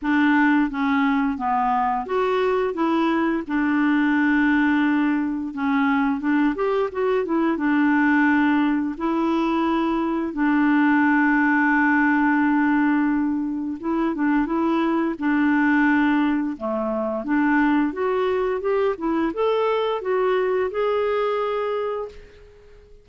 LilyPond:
\new Staff \with { instrumentName = "clarinet" } { \time 4/4 \tempo 4 = 87 d'4 cis'4 b4 fis'4 | e'4 d'2. | cis'4 d'8 g'8 fis'8 e'8 d'4~ | d'4 e'2 d'4~ |
d'1 | e'8 d'8 e'4 d'2 | a4 d'4 fis'4 g'8 e'8 | a'4 fis'4 gis'2 | }